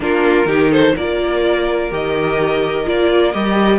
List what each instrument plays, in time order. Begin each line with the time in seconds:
0.00 cello A#3, viola D4, violin F4 A#4
0.45 cello D#3, viola D#4, violin G4
0.70 violin A4 C5
0.96 cello A#3, viola F4, violin A#4 D5
1.91 cello D#3, viola G4, violin D#5
2.85 cello A#3, viola F4, violin D5
3.32 cello G3, viola G4, violin D#5